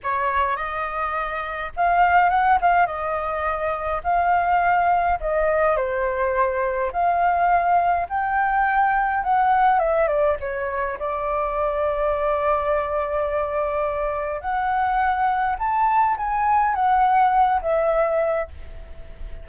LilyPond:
\new Staff \with { instrumentName = "flute" } { \time 4/4 \tempo 4 = 104 cis''4 dis''2 f''4 | fis''8 f''8 dis''2 f''4~ | f''4 dis''4 c''2 | f''2 g''2 |
fis''4 e''8 d''8 cis''4 d''4~ | d''1~ | d''4 fis''2 a''4 | gis''4 fis''4. e''4. | }